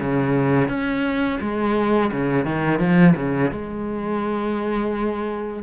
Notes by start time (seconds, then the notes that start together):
0.00 C#3
0.68 C#4
1.40 G#3
2.11 C#3
2.44 D#3
2.79 F3
3.16 C#3
3.51 G#3